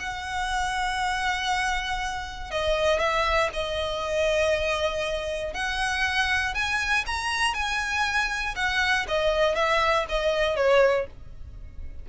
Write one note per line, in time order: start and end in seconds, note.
0.00 2.51 F#5
2.51 2.99 D#5
2.99 3.50 E5
3.53 5.54 D#5
5.54 6.55 F#5
6.55 7.05 G#5
7.07 7.54 A#5
7.54 8.55 G#5
8.56 9.06 F#5
9.08 9.55 D#5
9.55 10.06 E5
10.09 10.56 D#5
10.56 11.06 C#5